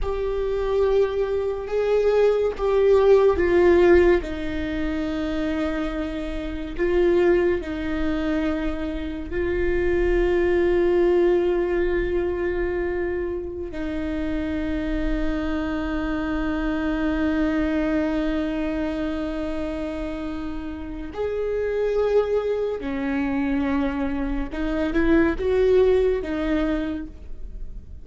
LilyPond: \new Staff \with { instrumentName = "viola" } { \time 4/4 \tempo 4 = 71 g'2 gis'4 g'4 | f'4 dis'2. | f'4 dis'2 f'4~ | f'1~ |
f'16 dis'2.~ dis'8.~ | dis'1~ | dis'4 gis'2 cis'4~ | cis'4 dis'8 e'8 fis'4 dis'4 | }